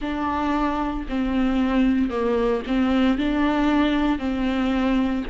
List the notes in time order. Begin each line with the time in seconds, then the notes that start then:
0.00 D4
1.08 C4
2.10 A#3
2.67 C4
3.18 D4
4.18 C4